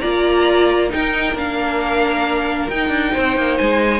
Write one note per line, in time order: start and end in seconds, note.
0.00 0.93 A#3
0.00 0.89 F4
0.00 0.90 D5
0.00 0.89 A#5
0.89 1.34 D#4
0.89 3.13 A#4
0.89 1.37 G5
1.34 2.67 A#3
1.34 2.70 D4
1.34 2.69 F5
2.69 2.89 D#4
2.69 4.00 D#4
2.69 3.58 G5
2.89 3.11 D4
3.13 3.37 C4
3.13 4.00 C5
3.37 3.59 A#3
3.58 4.00 G#3
3.58 4.00 G#5